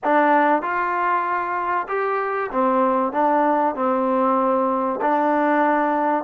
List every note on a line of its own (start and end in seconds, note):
0.04 0.62 D4
0.62 1.87 F4
1.88 2.50 G4
2.51 3.12 C4
3.12 3.75 D4
3.75 5.00 C4
5.01 6.24 D4